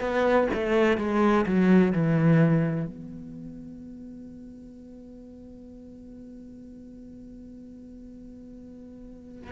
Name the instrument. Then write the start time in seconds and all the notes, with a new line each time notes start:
cello
0.00 B3
0.54 A3
0.98 G#3
1.46 F#3
1.93 E3
2.86 B3